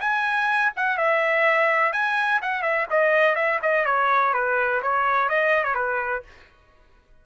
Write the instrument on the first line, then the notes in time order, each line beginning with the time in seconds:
trumpet
0.00 G#5
0.76 F#5
0.98 E5
1.93 G#5
2.42 F#5
2.62 E5
2.90 D#5
3.35 E5
3.62 D#5
3.85 C#5
4.33 B4
4.82 C#5
5.29 D#5
5.64 C#5
5.74 B4